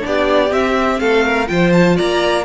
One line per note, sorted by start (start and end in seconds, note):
0.00 0.51 B3
0.00 0.48 D4
0.00 0.53 D5
0.06 1.00 G4
0.51 1.00 C4
0.51 1.47 C4
0.51 0.99 E5
0.99 1.49 A3
0.99 1.24 A4
0.99 1.47 F5
1.24 1.48 A#4
1.47 1.98 F3
1.47 2.43 F4
1.47 1.96 C5
1.47 1.72 G5
1.72 1.97 A5
1.96 2.44 A#3
1.96 2.44 D5
1.96 2.44 A#5